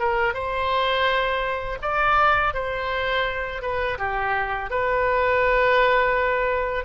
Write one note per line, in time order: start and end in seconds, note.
0.00 0.34 A#4
0.34 1.79 C5
1.82 2.54 D5
2.54 3.62 C5
3.62 3.98 B4
3.99 4.71 G4
4.71 6.85 B4